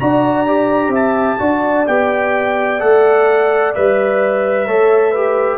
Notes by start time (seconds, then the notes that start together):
0.00 D4 F#4 D5 A#5
0.47 G4
0.88 C4 E5
0.95 A5
1.39 D4 F#4 D5
1.88 B3 G4 G5
2.80 A3 A4 F#5
3.75 G3 B4 E5
4.66 A3 A4 C#5
5.11 G4 B4